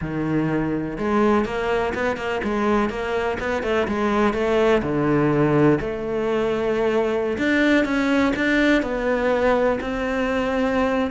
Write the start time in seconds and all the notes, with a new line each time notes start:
0.01 D#3
0.98 G#3
1.45 A#3
1.94 B3
2.17 A#3
2.43 G#3
2.89 A#3
3.39 B3
3.62 A3
3.87 G#3
4.33 A3
4.82 D3
5.80 A3
7.37 D4
7.84 C#4
8.36 D4
8.82 B3
9.80 C4